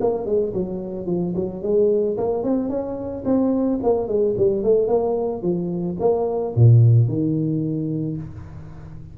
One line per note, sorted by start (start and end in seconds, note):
0.00 0.25 A#3
0.25 0.53 G#3
0.53 1.06 F#3
1.06 1.33 F3
1.35 1.62 F#3
1.62 2.17 G#3
2.17 2.43 A#3
2.43 2.69 C4
2.69 3.24 C#4
3.25 3.79 C4
3.83 4.07 A#3
4.07 4.35 G#3
4.37 4.63 G3
4.63 4.87 A3
4.87 5.42 A#3
5.42 5.96 F3
6.00 6.54 A#3
6.56 7.08 A#2
7.08 8.17 D#3